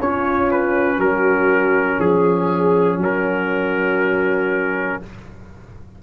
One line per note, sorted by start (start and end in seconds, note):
0.00 0.99 C#4
0.00 5.03 C#4
0.00 0.98 F4
0.00 0.51 C#5
0.51 1.00 B4
0.98 1.99 F#3
0.98 1.98 F#4
0.98 2.00 A#4
1.99 2.98 F3
1.99 2.99 G#4
1.99 3.00 G#4
2.98 4.98 F#3
2.98 5.01 F#4
2.98 5.03 A#4